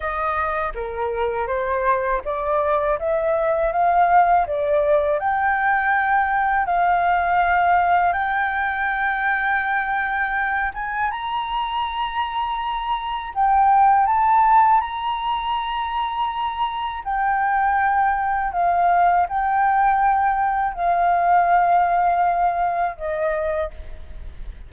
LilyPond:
\new Staff \with { instrumentName = "flute" } { \time 4/4 \tempo 4 = 81 dis''4 ais'4 c''4 d''4 | e''4 f''4 d''4 g''4~ | g''4 f''2 g''4~ | g''2~ g''8 gis''8 ais''4~ |
ais''2 g''4 a''4 | ais''2. g''4~ | g''4 f''4 g''2 | f''2. dis''4 | }